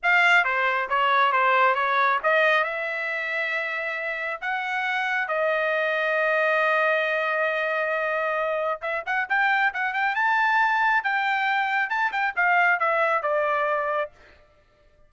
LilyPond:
\new Staff \with { instrumentName = "trumpet" } { \time 4/4 \tempo 4 = 136 f''4 c''4 cis''4 c''4 | cis''4 dis''4 e''2~ | e''2 fis''2 | dis''1~ |
dis''1 | e''8 fis''8 g''4 fis''8 g''8 a''4~ | a''4 g''2 a''8 g''8 | f''4 e''4 d''2 | }